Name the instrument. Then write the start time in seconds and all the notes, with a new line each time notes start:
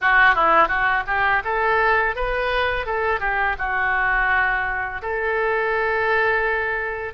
oboe
0.01 F#4
0.34 E4
0.68 F#4
1.06 G4
1.44 A4
2.15 B4
2.86 A4
3.20 G4
3.58 F#4
5.02 A4